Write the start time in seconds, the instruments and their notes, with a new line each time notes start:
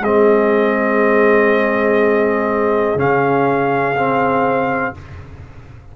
0.00 tuba G#3, trombone C4, horn G#4, trumpet D#5
2.95 tuba C#3, trombone C#4, trumpet F5
3.96 trombone C4